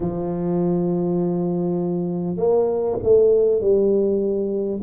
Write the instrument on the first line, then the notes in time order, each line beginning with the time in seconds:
tuba
0.00 F3
2.36 A#3
3.03 A3
3.61 G3